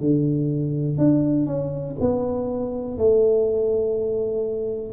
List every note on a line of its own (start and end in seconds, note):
0.00 0.97 D3
0.97 1.46 D4
1.46 1.95 C#4
2.00 2.97 B3
2.97 4.93 A3